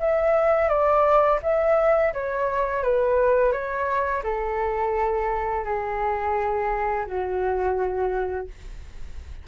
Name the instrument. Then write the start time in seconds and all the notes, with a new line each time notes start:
flute
0.00 E5
0.69 D5
1.43 E5
2.13 C#5
2.83 B4
3.52 C#5
4.24 A4
5.65 G#4
7.06 F#4